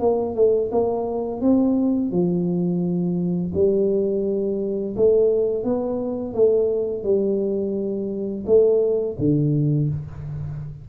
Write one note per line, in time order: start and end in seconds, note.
0.00 0.35 A#3
0.35 0.71 A3
0.72 1.41 A#3
1.41 2.11 C4
2.11 3.52 F3
3.55 4.96 G3
4.96 5.64 A3
5.64 6.34 B3
6.34 7.04 A3
7.04 8.45 G3
8.46 9.17 A3
9.19 9.90 D3